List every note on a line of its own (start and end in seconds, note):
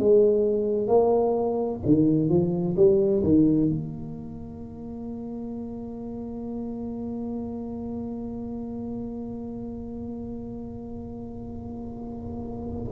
0.00 0.88 G#3
0.88 1.80 A#3
1.86 2.30 D#3
2.30 2.76 F3
2.77 3.23 G3
3.24 3.70 D#3
3.70 12.93 A#3